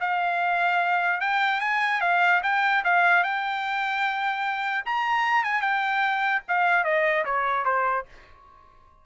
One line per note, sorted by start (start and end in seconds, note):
0.00 1.20 F5
1.20 1.60 G5
1.60 2.01 G#5
2.01 2.41 F5
2.43 2.83 G5
2.84 3.23 F5
3.23 4.84 G5
4.85 5.44 A#5
5.44 5.61 G#5
5.61 6.42 G5
6.48 6.84 F5
6.84 7.24 D#5
7.25 7.65 C#5
7.65 8.05 C5